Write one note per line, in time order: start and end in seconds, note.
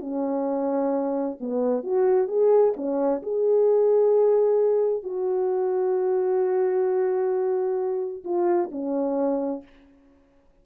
0.00 1.37 C#4
1.40 1.83 B3
1.83 2.28 F#4
2.28 2.74 G#4
2.76 3.22 C#4
3.22 5.03 G#4
5.03 8.24 F#4
8.24 8.70 F4
8.71 9.63 C#4